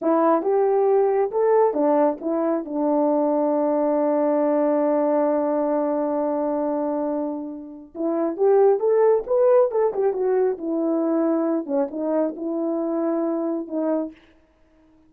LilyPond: \new Staff \with { instrumentName = "horn" } { \time 4/4 \tempo 4 = 136 e'4 g'2 a'4 | d'4 e'4 d'2~ | d'1~ | d'1~ |
d'2 e'4 g'4 | a'4 b'4 a'8 g'8 fis'4 | e'2~ e'8 cis'8 dis'4 | e'2. dis'4 | }